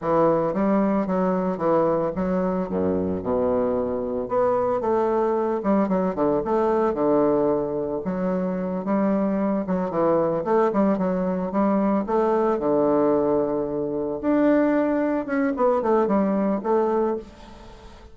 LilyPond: \new Staff \with { instrumentName = "bassoon" } { \time 4/4 \tempo 4 = 112 e4 g4 fis4 e4 | fis4 fis,4 b,2 | b4 a4. g8 fis8 d8 | a4 d2 fis4~ |
fis8 g4. fis8 e4 a8 | g8 fis4 g4 a4 d8~ | d2~ d8 d'4.~ | d'8 cis'8 b8 a8 g4 a4 | }